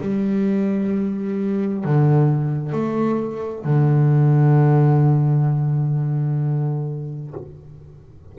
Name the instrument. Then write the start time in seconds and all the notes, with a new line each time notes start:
double bass
0.00 G3
1.84 D3
2.72 A3
3.64 D3